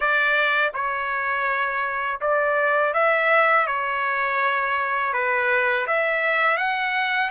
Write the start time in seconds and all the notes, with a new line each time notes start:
0.00 D5
0.74 C#5
2.21 D5
2.93 E5
3.67 C#5
5.13 B4
5.86 E5
6.57 F#5